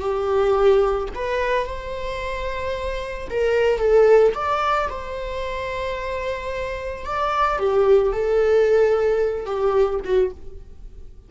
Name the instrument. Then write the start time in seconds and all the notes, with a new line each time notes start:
viola
0.00 G4
1.14 B4
1.66 C5
3.30 A#4
3.79 A4
4.34 D5
4.89 C5
7.05 D5
7.59 G4
8.12 A4
9.45 G4
10.04 F#4